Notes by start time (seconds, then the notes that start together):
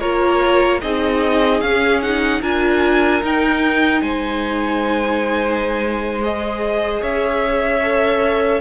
0.00 A#3 F4 A#4 C#5
0.81 C4 D#4 G#4 D#5
1.61 C#4 F5
2.02 D#4 F#5
2.41 D4 F4 A#4 G#5
3.22 D#4 G5
4.02 G#3 C5 G#5
6.22 G#4 D#5
7.01 C#4 C#5 E5
7.82 A4